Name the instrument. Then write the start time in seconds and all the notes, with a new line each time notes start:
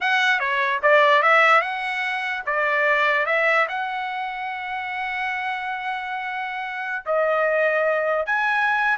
trumpet
0.00 F#5
0.39 C#5
0.82 D5
1.22 E5
1.61 F#5
2.45 D5
3.26 E5
3.68 F#5
7.05 D#5
8.26 G#5